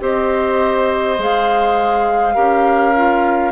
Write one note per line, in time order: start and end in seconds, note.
0.00 1.19 C4
0.00 1.18 G4
0.00 2.35 C5
0.00 1.21 D#5
1.19 2.37 G#3
1.19 2.35 G#4
1.19 3.52 F5
2.35 3.52 C#4
2.35 2.94 G4
2.35 3.52 A#4
2.96 3.52 F4